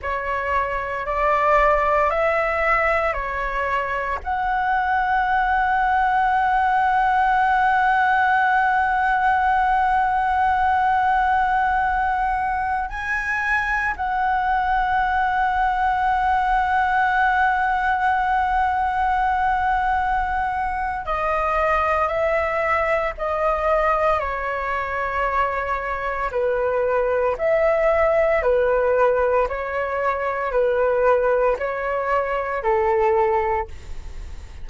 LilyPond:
\new Staff \with { instrumentName = "flute" } { \time 4/4 \tempo 4 = 57 cis''4 d''4 e''4 cis''4 | fis''1~ | fis''1~ | fis''16 gis''4 fis''2~ fis''8.~ |
fis''1 | dis''4 e''4 dis''4 cis''4~ | cis''4 b'4 e''4 b'4 | cis''4 b'4 cis''4 a'4 | }